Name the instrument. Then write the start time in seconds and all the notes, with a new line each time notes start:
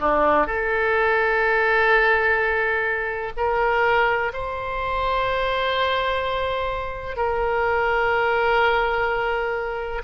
oboe
0.00 D4
0.47 A4
3.37 A#4
4.33 C5
7.16 A#4